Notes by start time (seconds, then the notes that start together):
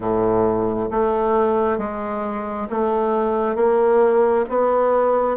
0.00 A2
0.90 A3
1.78 G#3
2.70 A3
3.55 A#3
4.49 B3